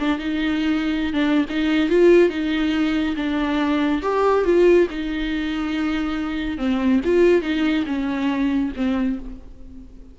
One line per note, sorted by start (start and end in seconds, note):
0.00 0.19 D4
0.19 1.14 D#4
1.14 1.46 D4
1.50 1.90 D#4
1.90 2.30 F4
2.30 3.16 D#4
3.17 4.02 D4
4.02 4.45 G4
4.45 4.88 F4
4.91 6.58 D#4
6.58 7.01 C4
7.05 7.42 F4
7.42 7.85 D#4
7.86 8.72 C#4
8.76 9.19 C4